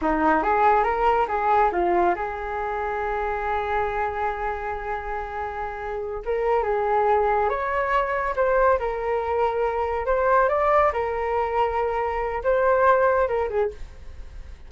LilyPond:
\new Staff \with { instrumentName = "flute" } { \time 4/4 \tempo 4 = 140 dis'4 gis'4 ais'4 gis'4 | f'4 gis'2.~ | gis'1~ | gis'2~ gis'8 ais'4 gis'8~ |
gis'4. cis''2 c''8~ | c''8 ais'2. c''8~ | c''8 d''4 ais'2~ ais'8~ | ais'4 c''2 ais'8 gis'8 | }